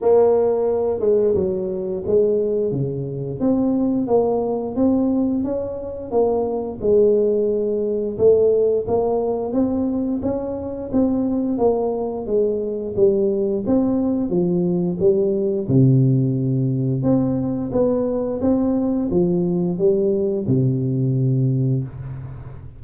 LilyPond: \new Staff \with { instrumentName = "tuba" } { \time 4/4 \tempo 4 = 88 ais4. gis8 fis4 gis4 | cis4 c'4 ais4 c'4 | cis'4 ais4 gis2 | a4 ais4 c'4 cis'4 |
c'4 ais4 gis4 g4 | c'4 f4 g4 c4~ | c4 c'4 b4 c'4 | f4 g4 c2 | }